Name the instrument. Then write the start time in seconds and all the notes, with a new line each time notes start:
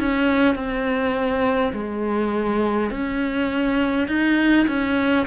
cello
0.00 C#4
0.55 C4
1.73 G#3
2.91 C#4
4.08 D#4
4.67 C#4